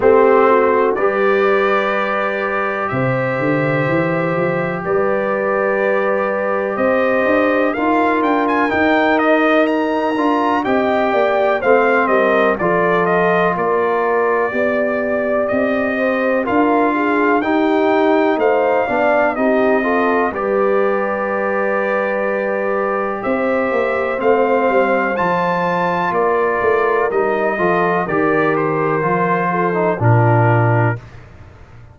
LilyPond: <<
  \new Staff \with { instrumentName = "trumpet" } { \time 4/4 \tempo 4 = 62 c''4 d''2 e''4~ | e''4 d''2 dis''4 | f''8 g''16 gis''16 g''8 dis''8 ais''4 g''4 | f''8 dis''8 d''8 dis''8 d''2 |
dis''4 f''4 g''4 f''4 | dis''4 d''2. | e''4 f''4 a''4 d''4 | dis''4 d''8 c''4. ais'4 | }
  \new Staff \with { instrumentName = "horn" } { \time 4/4 g'8 fis'8 b'2 c''4~ | c''4 b'2 c''4 | ais'2. dis''8 d''8 | c''8 ais'8 a'4 ais'4 d''4~ |
d''8 c''8 ais'8 gis'8 g'4 c''8 d''8 | g'8 a'8 b'2. | c''2. ais'4~ | ais'8 a'8 ais'4. a'8 f'4 | }
  \new Staff \with { instrumentName = "trombone" } { \time 4/4 c'4 g'2.~ | g'1 | f'4 dis'4. f'8 g'4 | c'4 f'2 g'4~ |
g'4 f'4 dis'4. d'8 | dis'8 f'8 g'2.~ | g'4 c'4 f'2 | dis'8 f'8 g'4 f'8. dis'16 d'4 | }
  \new Staff \with { instrumentName = "tuba" } { \time 4/4 a4 g2 c8 d8 | e8 f8 g2 c'8 d'8 | dis'8 d'8 dis'4. d'8 c'8 ais8 | a8 g8 f4 ais4 b4 |
c'4 d'4 dis'4 a8 b8 | c'4 g2. | c'8 ais8 a8 g8 f4 ais8 a8 | g8 f8 dis4 f4 ais,4 | }
>>